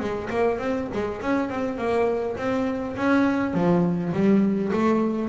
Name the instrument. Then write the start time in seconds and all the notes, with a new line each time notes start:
double bass
0.00 G#3
0.31 A#3
0.59 C4
0.94 G#3
1.22 C#4
1.50 C4
1.78 A#3
2.37 C4
2.97 C#4
3.54 F3
4.13 G3
4.73 A3